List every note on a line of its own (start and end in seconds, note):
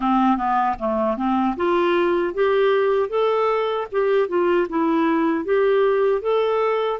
0.00 0.37 C4
0.37 0.76 B3
0.79 1.16 A3
1.16 1.55 C4
1.56 2.33 F4
2.33 3.09 G4
3.09 3.87 A4
3.91 4.28 G4
4.28 4.67 F4
4.69 5.44 E4
5.44 6.21 G4
6.21 6.99 A4